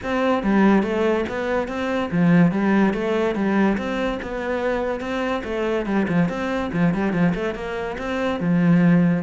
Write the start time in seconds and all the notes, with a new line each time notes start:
0.03 C4
0.43 G3
0.82 A3
1.29 B3
1.68 C4
2.11 F3
2.51 G3
2.93 A3
3.35 G3
3.77 C4
4.22 B3
5.00 C4
5.43 A3
5.86 G3
6.08 F3
6.29 C4
6.72 F3
6.93 G3
7.12 F3
7.34 A3
7.54 A#3
7.98 C4
8.39 F3